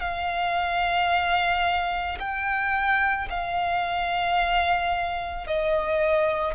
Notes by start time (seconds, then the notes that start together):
0.00 F5
2.19 G5
3.30 F5
5.46 D#5